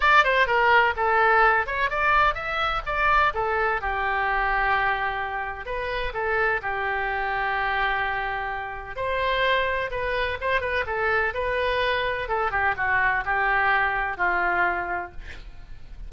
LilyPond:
\new Staff \with { instrumentName = "oboe" } { \time 4/4 \tempo 4 = 127 d''8 c''8 ais'4 a'4. cis''8 | d''4 e''4 d''4 a'4 | g'1 | b'4 a'4 g'2~ |
g'2. c''4~ | c''4 b'4 c''8 b'8 a'4 | b'2 a'8 g'8 fis'4 | g'2 f'2 | }